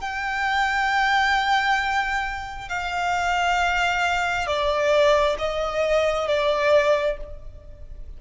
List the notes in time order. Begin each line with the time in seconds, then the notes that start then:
0.00 G5
2.68 F5
4.46 D5
5.38 D#5
6.27 D5